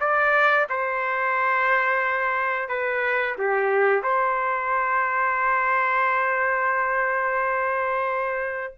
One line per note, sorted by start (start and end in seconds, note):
0.00 0.67 D5
0.69 2.68 C5
2.68 3.36 B4
3.38 4.03 G4
4.03 8.75 C5